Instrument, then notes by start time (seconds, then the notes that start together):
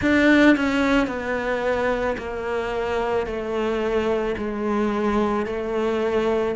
cello
0.01 D4
0.56 C#4
1.07 B3
2.17 A#3
3.26 A3
4.37 G#3
5.45 A3